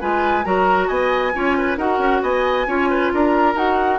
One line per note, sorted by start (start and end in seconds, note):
0.00 0.45 G#3
0.00 0.44 F4
0.00 0.45 B4
0.00 0.44 G#5
0.44 0.89 F#3
0.44 1.32 F#4
0.44 0.87 A#4
0.44 0.88 A#5
0.87 1.33 B3
0.87 1.32 D#5
0.87 1.77 G#5
1.33 1.77 C#4
1.33 1.78 F4
1.33 1.57 C#5
1.57 1.77 B4
1.77 1.98 D#4
1.77 2.66 F#4
1.77 2.22 A#4
1.77 2.22 F#5
1.98 2.20 C#4
2.22 2.66 B3
2.22 2.67 D#5
2.22 3.11 G#5
2.66 3.11 C#4
2.66 3.54 F4
2.66 2.89 C#5
2.89 3.12 B4
3.13 3.55 D4
3.13 3.99 A#4
3.13 3.57 A#5
3.54 3.99 D#4
3.54 3.99 F#4
3.54 3.99 F#5